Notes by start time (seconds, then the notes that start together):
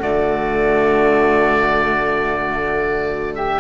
0.00 D3 A3 F#4 D5
3.35 G4 E5